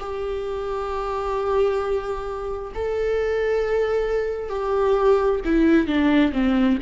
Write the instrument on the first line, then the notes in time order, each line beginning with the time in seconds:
viola
0.00 G4
2.75 A4
4.50 G4
5.45 E4
5.88 D4
6.33 C4